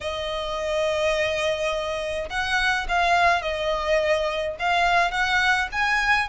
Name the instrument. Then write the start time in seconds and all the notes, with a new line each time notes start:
violin
0.00 D#5
2.29 F#5
2.88 F5
3.42 D#5
4.59 F5
5.11 F#5
5.71 G#5